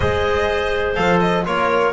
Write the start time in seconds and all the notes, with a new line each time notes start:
0.00 G#3 G#4 C5 D#5
0.95 F3 A4 F5
1.20 D#5
1.44 A#3 F4 A#4 C#5